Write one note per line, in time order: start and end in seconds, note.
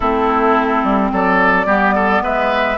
0.00 0.83 A3
0.00 1.67 C4
0.00 1.11 E4
0.00 1.11 A4
0.83 1.11 G3
1.12 1.66 F#3
1.12 1.66 A4
1.12 2.24 D5
1.66 2.21 G3
1.66 2.77 B3
1.66 1.94 G4
1.94 2.22 A4
2.21 2.77 G#3
2.21 2.77 B4
2.21 2.77 E5